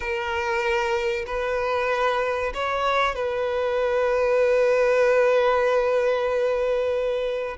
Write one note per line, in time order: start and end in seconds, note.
0.00 1.25 A#4
1.26 2.52 B4
2.54 3.15 C#5
3.15 7.57 B4